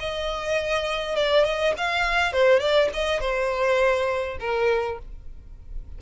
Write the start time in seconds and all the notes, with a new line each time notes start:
0.00 D#5
1.16 D5
1.45 D#5
1.78 F5
2.33 C5
2.60 D5
2.94 D#5
3.20 C5
4.40 A#4